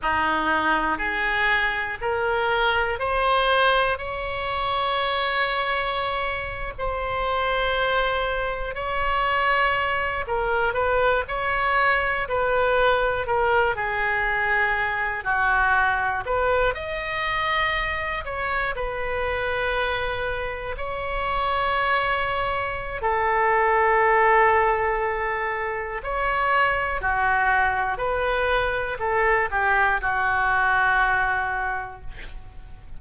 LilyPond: \new Staff \with { instrumentName = "oboe" } { \time 4/4 \tempo 4 = 60 dis'4 gis'4 ais'4 c''4 | cis''2~ cis''8. c''4~ c''16~ | c''8. cis''4. ais'8 b'8 cis''8.~ | cis''16 b'4 ais'8 gis'4. fis'8.~ |
fis'16 b'8 dis''4. cis''8 b'4~ b'16~ | b'8. cis''2~ cis''16 a'4~ | a'2 cis''4 fis'4 | b'4 a'8 g'8 fis'2 | }